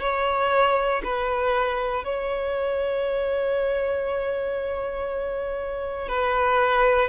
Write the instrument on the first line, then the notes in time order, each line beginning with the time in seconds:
violin
0.00 C#5
1.04 B4
2.04 C#5
6.08 B4